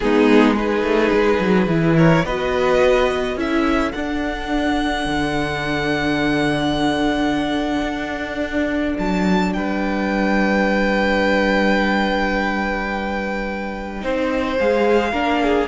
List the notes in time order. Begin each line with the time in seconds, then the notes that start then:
0.00 G#3 B3 D#4 G#4
0.56 D#4 G#4 B4
0.82 A3
1.12 G#3
1.38 F#3
1.67 E3 E4
1.96 A#4 C#5
2.24 B3 F#4 B4 D#5
3.35 C#4 E4 A4 E5
3.92 D4 F#5
5.05 D3
7.81 D4
8.98 F#3 A5
9.53 G3 B4 G5
14.00 C4 D#4 C5
14.59 G#3 G#4 F5
15.11 A#3 D4 A#4
15.42 G#4